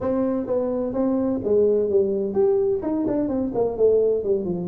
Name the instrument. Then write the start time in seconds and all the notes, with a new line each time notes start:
tuba
0.00 C4
0.46 B3
0.93 C4
1.44 G#3
1.89 G3
2.34 G4
2.82 D#4
3.07 D4
3.28 C4
3.54 A#3
3.76 A3
4.23 G3
4.44 F3